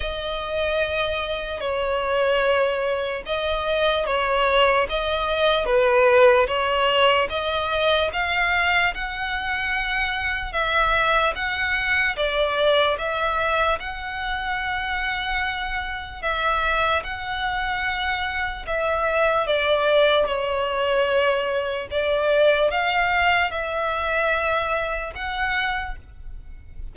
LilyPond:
\new Staff \with { instrumentName = "violin" } { \time 4/4 \tempo 4 = 74 dis''2 cis''2 | dis''4 cis''4 dis''4 b'4 | cis''4 dis''4 f''4 fis''4~ | fis''4 e''4 fis''4 d''4 |
e''4 fis''2. | e''4 fis''2 e''4 | d''4 cis''2 d''4 | f''4 e''2 fis''4 | }